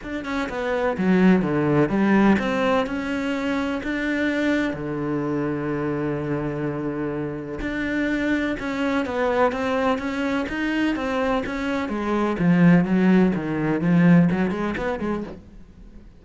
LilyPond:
\new Staff \with { instrumentName = "cello" } { \time 4/4 \tempo 4 = 126 d'8 cis'8 b4 fis4 d4 | g4 c'4 cis'2 | d'2 d2~ | d1 |
d'2 cis'4 b4 | c'4 cis'4 dis'4 c'4 | cis'4 gis4 f4 fis4 | dis4 f4 fis8 gis8 b8 gis8 | }